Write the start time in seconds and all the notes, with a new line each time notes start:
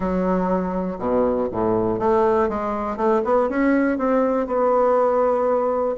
0.00 F#3
0.98 B2
1.51 A2
1.99 A3
2.48 G#3
2.96 A3
3.24 B3
3.49 C#4
3.98 C4
4.47 B3